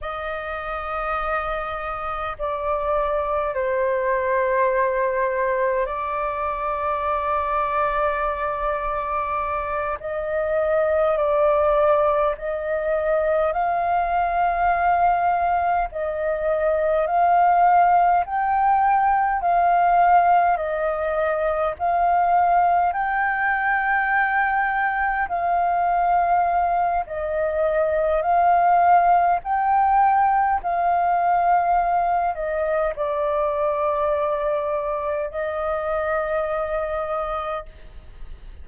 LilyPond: \new Staff \with { instrumentName = "flute" } { \time 4/4 \tempo 4 = 51 dis''2 d''4 c''4~ | c''4 d''2.~ | d''8 dis''4 d''4 dis''4 f''8~ | f''4. dis''4 f''4 g''8~ |
g''8 f''4 dis''4 f''4 g''8~ | g''4. f''4. dis''4 | f''4 g''4 f''4. dis''8 | d''2 dis''2 | }